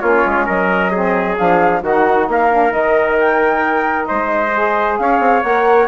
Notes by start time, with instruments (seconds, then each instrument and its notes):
0.00 bassoon A#3, saxophone C#4, trumpet F4, flute C#5
0.26 bassoon G#3
0.46 bassoon F#3, trumpet A#4, flute D#5
0.91 saxophone C4, trumpet G#4
1.37 bassoon F3, saxophone D4, flute F5
1.83 bassoon D#3, saxophone D#4, trumpet F#4, flute F#5
2.28 bassoon A#3, trumpet A#4, flute F5
2.51 saxophone D4
2.69 bassoon D#3, saxophone D#4, flute D#5
3.20 flute G5
4.05 bassoon G#3, trumpet C5, flute D#5
4.56 saxophone G#4
4.98 bassoon C#4, trumpet C#5, flute F5
5.20 bassoon C4
5.43 bassoon A#3, saxophone A#4, flute F#5